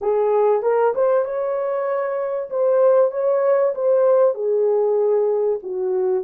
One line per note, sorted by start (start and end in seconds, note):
0.01 0.62 G#4
0.62 0.93 A#4
0.94 1.24 C5
1.24 2.49 C#5
2.49 3.11 C5
3.11 3.73 C#5
3.74 4.34 C5
4.34 5.59 G#4
5.62 6.24 F#4